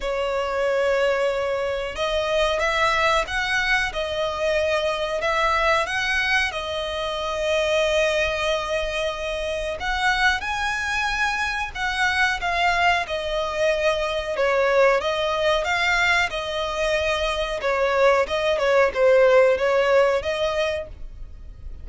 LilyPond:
\new Staff \with { instrumentName = "violin" } { \time 4/4 \tempo 4 = 92 cis''2. dis''4 | e''4 fis''4 dis''2 | e''4 fis''4 dis''2~ | dis''2. fis''4 |
gis''2 fis''4 f''4 | dis''2 cis''4 dis''4 | f''4 dis''2 cis''4 | dis''8 cis''8 c''4 cis''4 dis''4 | }